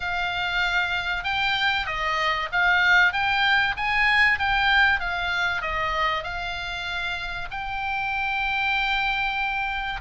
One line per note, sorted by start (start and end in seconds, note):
0.00 1.24 F5
1.24 1.86 G5
1.86 2.49 D#5
2.52 3.12 F5
3.12 3.75 G5
3.76 4.38 G#5
4.38 5.00 G5
5.00 5.61 F5
5.61 6.23 D#5
6.23 7.48 F5
7.51 10.01 G5